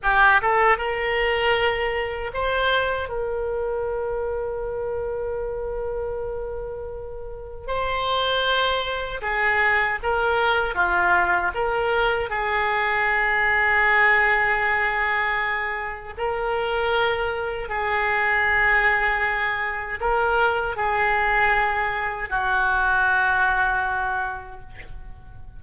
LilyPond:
\new Staff \with { instrumentName = "oboe" } { \time 4/4 \tempo 4 = 78 g'8 a'8 ais'2 c''4 | ais'1~ | ais'2 c''2 | gis'4 ais'4 f'4 ais'4 |
gis'1~ | gis'4 ais'2 gis'4~ | gis'2 ais'4 gis'4~ | gis'4 fis'2. | }